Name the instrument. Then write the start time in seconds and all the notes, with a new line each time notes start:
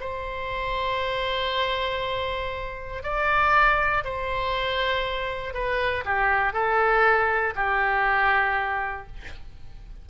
oboe
0.00 C5
3.03 D5
4.04 C5
5.53 B4
6.05 G4
6.52 A4
7.55 G4